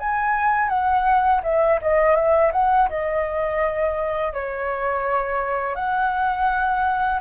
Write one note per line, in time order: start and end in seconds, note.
0.00 0.69 G#5
0.69 1.41 F#5
1.44 1.80 E5
1.82 2.16 D#5
2.16 2.52 E5
2.53 2.89 F#5
2.89 4.34 D#5
4.34 5.76 C#5
5.76 7.20 F#5